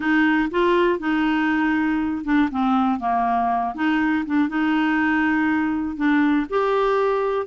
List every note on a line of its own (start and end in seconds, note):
0.00 0.49 D#4
0.50 0.99 F4
0.99 2.24 D#4
2.24 2.49 D4
2.51 2.99 C4
2.99 3.74 A#3
3.75 4.25 D#4
4.26 4.49 D4
4.49 5.96 D#4
5.96 6.46 D4
6.49 7.46 G4